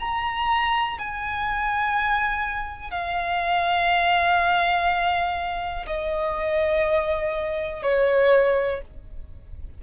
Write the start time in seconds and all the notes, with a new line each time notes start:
0.00 A#5
0.99 G#5
2.91 F5
5.87 D#5
7.83 C#5